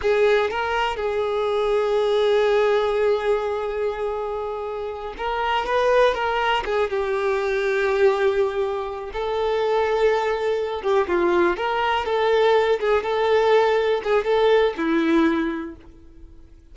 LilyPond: \new Staff \with { instrumentName = "violin" } { \time 4/4 \tempo 4 = 122 gis'4 ais'4 gis'2~ | gis'1~ | gis'2~ gis'8 ais'4 b'8~ | b'8 ais'4 gis'8 g'2~ |
g'2~ g'8 a'4.~ | a'2 g'8 f'4 ais'8~ | ais'8 a'4. gis'8 a'4.~ | a'8 gis'8 a'4 e'2 | }